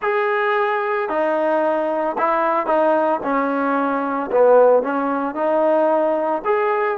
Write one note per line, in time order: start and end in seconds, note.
0.01 1.09 G#4
1.09 2.16 D#4
2.17 2.66 E4
2.66 3.19 D#4
3.23 4.30 C#4
4.31 4.83 B3
4.83 5.35 C#4
5.35 6.42 D#4
6.44 6.97 G#4